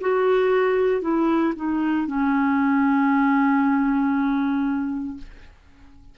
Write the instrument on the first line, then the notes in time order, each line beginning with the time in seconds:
clarinet
0.00 F#4
1.01 E4
1.55 D#4
2.06 C#4